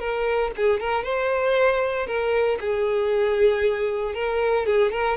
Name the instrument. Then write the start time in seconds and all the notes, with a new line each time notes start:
violin
0.00 A#4
0.57 G#4
0.80 A#4
1.04 C5
2.07 A#4
2.61 G#4
4.15 A#4
4.66 G#4
4.92 A#4